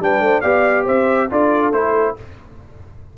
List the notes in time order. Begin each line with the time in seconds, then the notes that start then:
0.00 G3 D4 B4 G5
0.21 A3 C5
0.41 B3 G4 D5 F5
0.85 C4 C5 E5
1.30 D4 F4 A4 D5
1.73 A3 E4 C5